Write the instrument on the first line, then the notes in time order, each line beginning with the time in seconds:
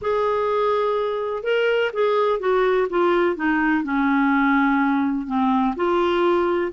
clarinet
0.01 G#4
1.43 A#4
1.93 G#4
2.39 F#4
2.89 F4
3.36 D#4
3.83 C#4
5.26 C4
5.76 F4